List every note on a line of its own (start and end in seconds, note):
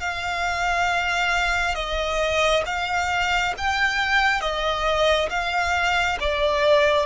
0.00 1.74 F5
1.74 2.63 D#5
2.66 3.54 F5
3.57 4.41 G5
4.41 5.29 D#5
5.29 6.18 F5
6.20 7.06 D5